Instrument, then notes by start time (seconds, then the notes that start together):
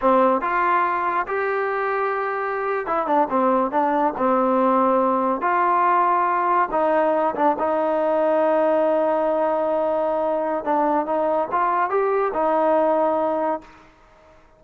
trombone
0.01 C4
0.41 F4
1.27 G4
2.86 E4
3.06 D4
3.29 C4
3.71 D4
4.17 C4
5.41 F4
6.71 D#4
7.35 D4
7.58 D#4
10.64 D4
11.06 D#4
11.51 F4
11.90 G4
12.33 D#4